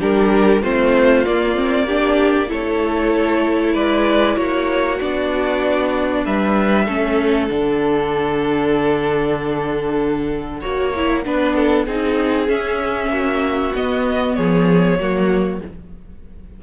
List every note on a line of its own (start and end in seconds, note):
0.00 0.63 G3
0.00 0.62 D4
0.00 0.63 G4
0.00 0.63 A#4
0.63 1.26 A3
0.63 1.26 C4
0.63 1.86 F4
0.63 1.25 C5
1.25 1.56 A#3
1.25 2.51 A#3
1.25 2.50 D5
1.56 1.87 C4
1.86 2.48 D4
1.86 2.49 G4
2.48 3.75 A3
2.48 4.98 E4
2.48 3.74 A4
2.48 3.75 C#5
3.74 4.37 G#3
3.74 4.36 B4
3.74 4.36 D5
4.36 5.00 A#3
4.36 6.24 F#4
4.36 4.99 C#5
5.00 6.27 B3
5.00 6.88 D4
5.00 6.26 D5
6.25 6.88 G3
6.25 6.86 B4
6.25 7.49 E5
6.86 7.50 A3
6.86 7.50 C#4
6.86 10.61 A4
7.49 10.63 D3
7.49 10.62 D4
7.49 12.49 F#5
10.61 11.26 A#3
10.61 10.94 F#4
10.61 11.23 C#5
10.96 11.25 E4
11.25 11.87 B3
11.25 11.87 D4
11.25 11.56 B4
11.56 11.86 A4
11.86 12.49 C4
11.86 12.48 D#4
11.86 13.11 G#4
12.48 13.73 C#4
12.48 13.09 C#4
12.48 13.74 E5
13.09 13.71 A#3
13.09 14.37 F#4
13.76 14.38 B3
13.76 15.01 B3
13.76 14.36 D#5
14.36 15.00 F3
14.36 14.99 G#4
14.36 15.61 C#5
15.00 15.62 F#3
15.00 15.63 A#3
15.00 15.63 F#4